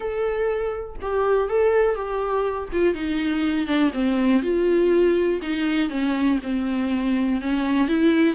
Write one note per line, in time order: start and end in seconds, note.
0.00 0.96 A4
1.01 1.49 G4
1.49 1.95 A4
1.95 2.68 G4
2.72 2.94 F4
2.94 3.66 D#4
3.66 3.91 D4
3.93 4.42 C4
4.42 5.40 F4
5.42 5.89 D#4
5.89 6.38 C#4
6.42 7.41 C4
7.41 7.88 C#4
7.88 8.35 E4